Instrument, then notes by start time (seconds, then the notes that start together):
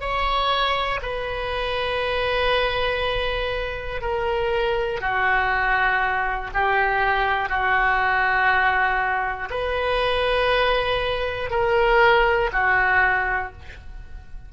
oboe
0.00 C#5
1.02 B4
4.01 A#4
5.00 F#4
6.54 G4
7.49 F#4
9.50 B4
11.50 A#4
12.53 F#4